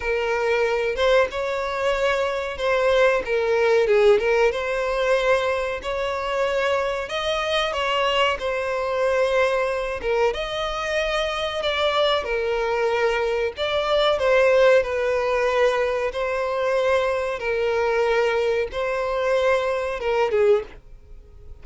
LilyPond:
\new Staff \with { instrumentName = "violin" } { \time 4/4 \tempo 4 = 93 ais'4. c''8 cis''2 | c''4 ais'4 gis'8 ais'8 c''4~ | c''4 cis''2 dis''4 | cis''4 c''2~ c''8 ais'8 |
dis''2 d''4 ais'4~ | ais'4 d''4 c''4 b'4~ | b'4 c''2 ais'4~ | ais'4 c''2 ais'8 gis'8 | }